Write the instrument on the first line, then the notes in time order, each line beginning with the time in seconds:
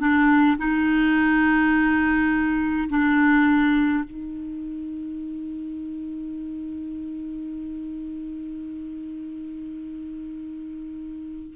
clarinet
0.00 D4
0.58 D#4
2.90 D4
4.04 D#4